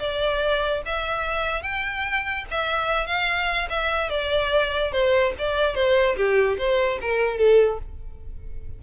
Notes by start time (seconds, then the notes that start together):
0.00 D5
0.86 E5
1.63 G5
2.51 E5
3.07 F5
3.70 E5
4.10 D5
4.92 C5
5.39 D5
5.75 C5
6.16 G4
6.58 C5
7.01 A#4
7.38 A4